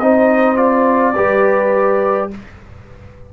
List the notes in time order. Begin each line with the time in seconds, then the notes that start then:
0.00 C4 D#4 C5 D#5
0.57 F4 D5
1.15 G3 G4 B4